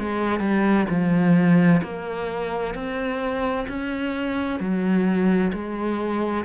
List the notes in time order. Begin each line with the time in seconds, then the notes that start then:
0.00 G#3
0.40 G3
0.90 F3
1.83 A#3
2.75 C4
3.68 C#4
4.60 F#3
5.53 G#3